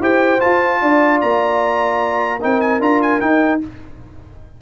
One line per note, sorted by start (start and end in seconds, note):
0.00 0.40 E4
0.00 0.40 G4
0.00 0.81 C5
0.00 0.40 G5
0.40 2.40 F4
0.40 0.82 F4
0.40 1.20 A5
0.81 1.22 D4
0.81 2.41 D5
1.21 2.43 A#3
1.21 2.41 A#5
2.41 2.80 C4
2.41 2.81 D#4
2.41 3.61 A#4
2.41 2.60 G5
2.60 2.80 G#5
2.80 3.20 D4
2.80 3.21 F4
2.80 3.02 A#5
3.02 3.20 G#5
3.20 3.61 D#4
3.20 3.60 G5